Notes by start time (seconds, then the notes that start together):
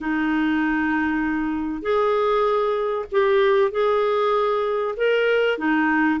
0.00 D#4
1.81 G#4
3.11 G4
3.71 G#4
4.97 A#4
5.58 D#4